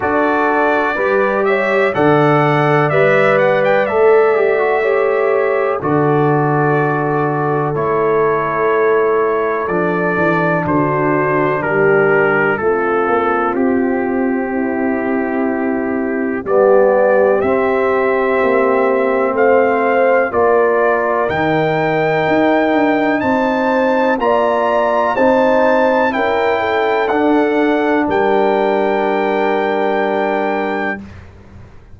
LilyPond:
<<
  \new Staff \with { instrumentName = "trumpet" } { \time 4/4 \tempo 4 = 62 d''4. e''8 fis''4 e''8 fis''16 g''16 | e''2 d''2 | cis''2 d''4 c''4 | ais'4 a'4 g'2~ |
g'4 d''4 e''2 | f''4 d''4 g''2 | a''4 ais''4 a''4 g''4 | fis''4 g''2. | }
  \new Staff \with { instrumentName = "horn" } { \time 4/4 a'4 b'8 cis''8 d''2~ | d''4 cis''4 a'2~ | a'2. fis'4 | g'4 f'2 e'4~ |
e'4 g'2. | c''4 ais'2. | c''4 d''4 c''4 ais'8 a'8~ | a'4 ais'2. | }
  \new Staff \with { instrumentName = "trombone" } { \time 4/4 fis'4 g'4 a'4 b'4 | a'8 g'16 fis'16 g'4 fis'2 | e'2 d'2~ | d'4 c'2.~ |
c'4 b4 c'2~ | c'4 f'4 dis'2~ | dis'4 f'4 dis'4 e'4 | d'1 | }
  \new Staff \with { instrumentName = "tuba" } { \time 4/4 d'4 g4 d4 g4 | a2 d2 | a2 f8 e8 d4 | g4 a8 ais8 c'2~ |
c'4 g4 c'4 ais4 | a4 ais4 dis4 dis'8 d'8 | c'4 ais4 c'4 cis'4 | d'4 g2. | }
>>